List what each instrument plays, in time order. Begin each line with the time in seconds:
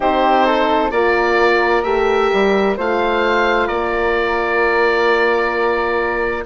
0.00 bassoon C4, horn D#4, flute G4, oboe C5
0.46 flute A4
0.91 bassoon A#3, horn F4, flute A#4, oboe D5
1.83 bassoon A3, horn G4, oboe E5
2.32 bassoon G3
2.76 bassoon A3, horn F4, flute C5, oboe F5
3.67 bassoon A#3, flute A#4, oboe D5